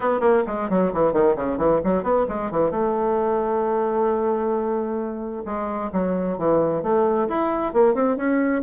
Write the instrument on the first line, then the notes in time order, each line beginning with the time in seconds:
bassoon
0.00 B3
0.20 A#3
0.47 G#3
0.69 F#3
0.93 E3
1.12 D#3
1.35 C#3
1.57 E3
1.83 F#3
2.03 B3
2.28 G#3
2.51 E3
2.70 A3
5.45 G#3
5.92 F#3
6.37 E3
6.82 A3
7.28 E4
7.73 A#3
7.94 C4
8.16 C#4